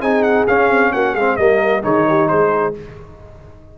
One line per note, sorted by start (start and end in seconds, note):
0.00 0.45 C4
0.00 0.47 D#4
0.00 0.92 G#4
0.00 0.23 G#5
0.23 0.45 F#5
0.47 0.70 C#4
0.47 1.17 C#4
0.47 0.92 F5
0.70 0.92 C4
0.92 1.14 A#3
0.92 1.13 F#4
0.92 1.15 F#5
1.13 1.37 G#3
1.13 1.36 G#4
1.13 1.36 F5
1.19 1.39 C4
1.36 1.83 G3
1.36 1.82 A#3
1.36 1.84 A#4
1.36 1.82 D#5
1.82 2.29 D#3
1.82 2.73 D#4
1.82 2.07 G#4
1.82 2.28 C#5
2.09 2.30 G4
2.28 2.78 G#3
2.28 2.75 G#4
2.28 2.73 C5